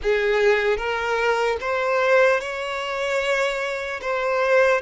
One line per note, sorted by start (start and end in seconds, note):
0.02 0.77 G#4
0.77 1.57 A#4
1.60 2.40 C5
2.40 4.00 C#5
4.01 4.81 C5